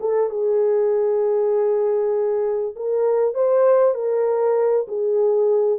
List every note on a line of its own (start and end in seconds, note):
0.00 0.30 A4
0.30 2.75 G#4
2.76 3.34 A#4
3.34 3.95 C5
3.95 4.86 A#4
4.88 5.79 G#4